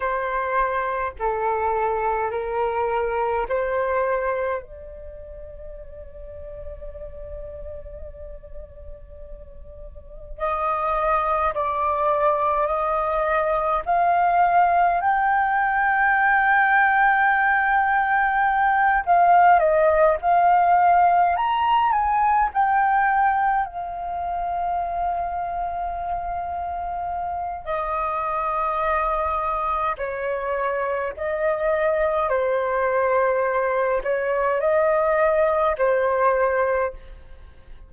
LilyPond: \new Staff \with { instrumentName = "flute" } { \time 4/4 \tempo 4 = 52 c''4 a'4 ais'4 c''4 | d''1~ | d''4 dis''4 d''4 dis''4 | f''4 g''2.~ |
g''8 f''8 dis''8 f''4 ais''8 gis''8 g''8~ | g''8 f''2.~ f''8 | dis''2 cis''4 dis''4 | c''4. cis''8 dis''4 c''4 | }